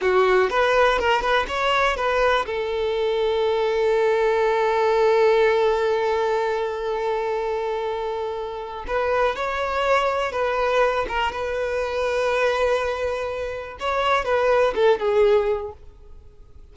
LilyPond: \new Staff \with { instrumentName = "violin" } { \time 4/4 \tempo 4 = 122 fis'4 b'4 ais'8 b'8 cis''4 | b'4 a'2.~ | a'1~ | a'1~ |
a'2 b'4 cis''4~ | cis''4 b'4. ais'8 b'4~ | b'1 | cis''4 b'4 a'8 gis'4. | }